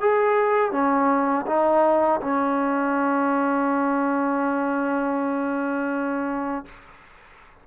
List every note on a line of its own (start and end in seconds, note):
0.00 0.71 G#4
0.71 1.45 C#4
1.46 2.20 D#4
2.20 6.65 C#4